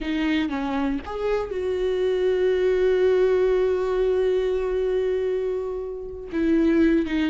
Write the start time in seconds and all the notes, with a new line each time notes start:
0.00 D#4
0.49 C#4
1.05 G#4
1.51 F#4
6.32 E4
7.06 D#4